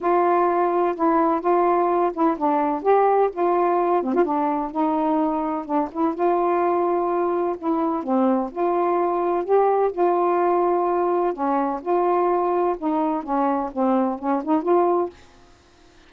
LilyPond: \new Staff \with { instrumentName = "saxophone" } { \time 4/4 \tempo 4 = 127 f'2 e'4 f'4~ | f'8 e'8 d'4 g'4 f'4~ | f'8 c'16 f'16 d'4 dis'2 | d'8 e'8 f'2. |
e'4 c'4 f'2 | g'4 f'2. | cis'4 f'2 dis'4 | cis'4 c'4 cis'8 dis'8 f'4 | }